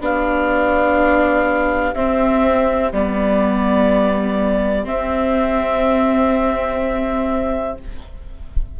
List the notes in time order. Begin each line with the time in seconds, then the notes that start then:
0.00 B3 D4 G4 F5
1.94 C4 E5
2.92 G3 B3 D5
4.83 C4 E5